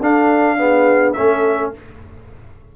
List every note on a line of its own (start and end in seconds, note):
0.00 1.15 D4
0.00 0.58 D4
0.00 0.57 A4
0.00 1.13 F5
0.58 1.15 B3
0.58 1.16 G#4
1.13 1.76 A3
1.13 1.74 C#4
1.13 1.73 A4
1.13 1.70 E5